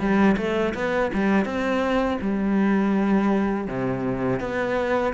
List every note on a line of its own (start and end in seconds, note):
0.00 0.37 G3
0.37 0.74 A3
0.75 1.11 B3
1.14 1.45 G3
1.45 2.19 C4
2.22 3.68 G3
3.68 4.40 C3
4.40 5.14 B3